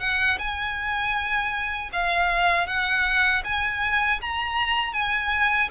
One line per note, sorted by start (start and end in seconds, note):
0.00 0.38 F#5
0.38 1.90 G#5
1.92 2.67 F5
2.67 3.43 F#5
3.44 4.20 G#5
4.21 4.93 A#5
4.93 5.69 G#5